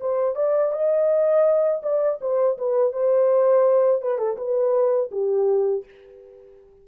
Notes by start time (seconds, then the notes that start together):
0.00 C5
0.35 D5
0.72 D#5
1.82 D5
2.21 C5
2.57 B4
2.93 C5
4.02 B4
4.18 A4
4.37 B4
5.11 G4